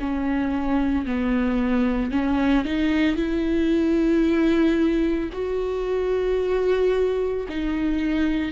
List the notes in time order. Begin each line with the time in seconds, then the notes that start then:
0.00 C#4
1.06 B3
2.12 C#4
2.65 D#4
3.17 E4
5.33 F#4
7.49 D#4